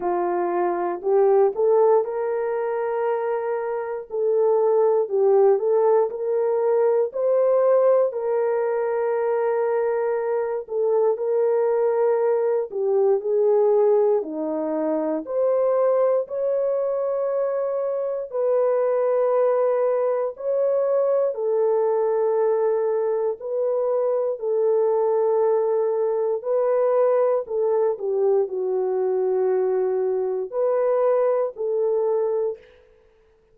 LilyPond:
\new Staff \with { instrumentName = "horn" } { \time 4/4 \tempo 4 = 59 f'4 g'8 a'8 ais'2 | a'4 g'8 a'8 ais'4 c''4 | ais'2~ ais'8 a'8 ais'4~ | ais'8 g'8 gis'4 dis'4 c''4 |
cis''2 b'2 | cis''4 a'2 b'4 | a'2 b'4 a'8 g'8 | fis'2 b'4 a'4 | }